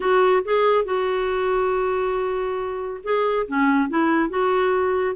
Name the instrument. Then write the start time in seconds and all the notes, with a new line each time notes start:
clarinet
0.00 F#4
0.44 G#4
0.84 F#4
3.03 G#4
3.47 C#4
3.89 E4
4.29 F#4